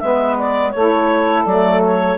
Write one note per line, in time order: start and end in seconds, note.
0.00 0.75 G#3
0.00 0.74 B3
0.00 0.75 B4
0.00 0.36 E5
0.39 0.71 D5
0.71 1.46 A3
0.71 2.18 A4
0.71 1.43 C#5
0.78 1.47 E4
1.46 2.18 F#3
1.46 2.18 A3
1.46 1.82 D5
1.84 2.18 C#5